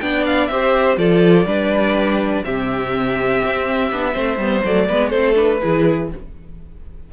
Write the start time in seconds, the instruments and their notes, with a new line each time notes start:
0.00 cello B3, viola D4, violin D5 G5
0.26 violin F5
0.47 cello C4, viola G4, violin C5 E5
0.97 cello F3, viola F4, violin A4 D5
1.46 cello G3, viola D4, violin B4
2.44 cello C3, viola C4, violin G4 E5
3.45 cello C4
3.92 cello B3, viola D4
4.12 cello A3, viola C4, violin C5
4.38 cello G3, viola B3
4.64 cello F#3, viola A3, violin D5
4.89 cello G#3, viola B3, violin B4
5.10 cello A3, viola C4, violin A4 C5
5.35 viola D4, violin B4
5.62 cello E3, viola E4, violin G#4